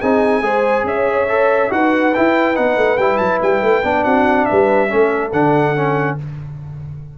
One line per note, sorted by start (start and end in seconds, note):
0.00 0.42 C4
0.00 0.42 D#4
0.00 0.43 G#4
0.00 0.86 G#5
0.42 0.84 G#3
0.42 1.27 G#4
0.42 0.86 C5
0.84 1.69 C#4
0.84 1.73 C#5
0.84 1.72 E5
1.28 1.69 A4
1.69 2.14 D#4
1.69 2.12 F#4
1.69 4.04 B4
1.69 2.14 F#5
2.14 2.55 E4
2.14 2.58 E4
2.14 2.56 G5
2.55 2.77 B3
2.55 2.98 D#4
2.55 2.98 F#5
2.77 2.98 A3
2.98 3.19 G3
2.98 3.83 E4
2.98 3.17 G5
3.17 3.40 F#3
3.17 3.38 A5
3.42 3.62 G3
3.42 4.04 G5
3.62 3.83 A3
3.83 4.05 B3
3.83 4.89 D4
4.04 4.47 C4
4.04 4.47 F#4
4.04 4.45 F#5
4.45 4.89 B4
4.45 5.30 E5
4.51 4.92 G3
4.89 5.33 A3
4.89 5.31 C#4
4.89 6.17 A4
5.32 6.18 D3
5.32 5.76 D4
5.32 6.18 F#5
5.76 6.18 C#4